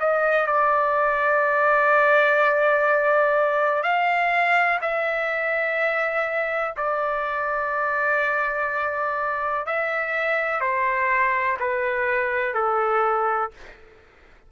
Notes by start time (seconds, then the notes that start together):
0.00 D#5
0.47 D5
3.83 F5
4.82 E5
6.77 D5
9.66 E5
10.61 C5
11.60 B4
12.55 A4